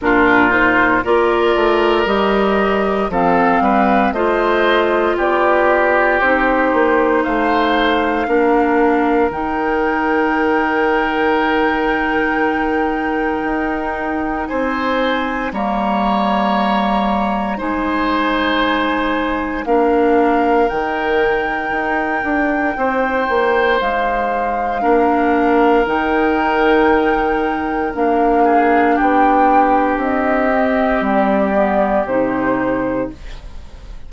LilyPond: <<
  \new Staff \with { instrumentName = "flute" } { \time 4/4 \tempo 4 = 58 ais'8 c''8 d''4 dis''4 f''4 | dis''4 d''4 c''4 f''4~ | f''4 g''2.~ | g''2 gis''4 ais''4~ |
ais''4 gis''2 f''4 | g''2. f''4~ | f''4 g''2 f''4 | g''4 dis''4 d''4 c''4 | }
  \new Staff \with { instrumentName = "oboe" } { \time 4/4 f'4 ais'2 a'8 b'8 | c''4 g'2 c''4 | ais'1~ | ais'2 c''4 cis''4~ |
cis''4 c''2 ais'4~ | ais'2 c''2 | ais'2.~ ais'8 gis'8 | g'1 | }
  \new Staff \with { instrumentName = "clarinet" } { \time 4/4 d'8 dis'8 f'4 g'4 c'4 | f'2 dis'2 | d'4 dis'2.~ | dis'2. ais4~ |
ais4 dis'2 d'4 | dis'1 | d'4 dis'2 d'4~ | d'4. c'4 b8 dis'4 | }
  \new Staff \with { instrumentName = "bassoon" } { \time 4/4 ais,4 ais8 a8 g4 f8 g8 | a4 b4 c'8 ais8 a4 | ais4 dis2.~ | dis4 dis'4 c'4 g4~ |
g4 gis2 ais4 | dis4 dis'8 d'8 c'8 ais8 gis4 | ais4 dis2 ais4 | b4 c'4 g4 c4 | }
>>